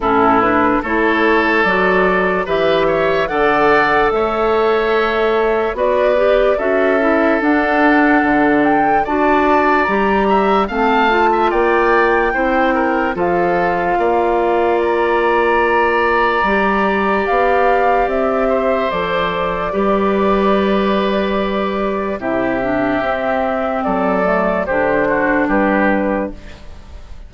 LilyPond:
<<
  \new Staff \with { instrumentName = "flute" } { \time 4/4 \tempo 4 = 73 a'8 b'8 cis''4 d''4 e''4 | fis''4 e''2 d''4 | e''4 fis''4. g''8 a''4 | ais''4 a''4 g''2 |
f''2 ais''2~ | ais''4 f''4 e''4 d''4~ | d''2. e''4~ | e''4 d''4 c''4 b'4 | }
  \new Staff \with { instrumentName = "oboe" } { \time 4/4 e'4 a'2 b'8 cis''8 | d''4 cis''2 b'4 | a'2. d''4~ | d''8 e''8 f''8. e''16 d''4 c''8 ais'8 |
a'4 d''2.~ | d''2~ d''8 c''4. | b'2. g'4~ | g'4 a'4 g'8 fis'8 g'4 | }
  \new Staff \with { instrumentName = "clarinet" } { \time 4/4 cis'8 d'8 e'4 fis'4 g'4 | a'2. fis'8 g'8 | fis'8 e'8 d'2 fis'4 | g'4 c'8 f'4. e'4 |
f'1 | g'2. a'4 | g'2. e'8 d'8 | c'4. a8 d'2 | }
  \new Staff \with { instrumentName = "bassoon" } { \time 4/4 a,4 a4 fis4 e4 | d4 a2 b4 | cis'4 d'4 d4 d'4 | g4 a4 ais4 c'4 |
f4 ais2. | g4 b4 c'4 f4 | g2. c4 | c'4 fis4 d4 g4 | }
>>